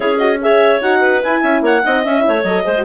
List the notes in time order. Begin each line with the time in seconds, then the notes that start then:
0.00 C#4 E4 G#4 C#5
0.18 F#4 D#5
0.41 G#4 C#5 E5
0.81 D#4 F#4 F#5
1.00 B4
1.22 E4 G#5
1.42 C#4 E5
1.61 A#3 C#5 F#5
1.84 C4 D#4 D#5
2.04 C#4 E5
2.20 E4
2.26 A3 C#5
2.43 F#3 A4 D#5
2.63 G#3 G#4 C5
2.78 F#4